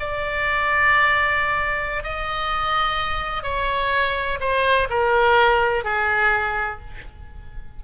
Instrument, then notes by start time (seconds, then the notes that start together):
oboe
0.00 D5
2.04 D#5
3.43 C#5
4.41 C5
4.90 A#4
5.84 G#4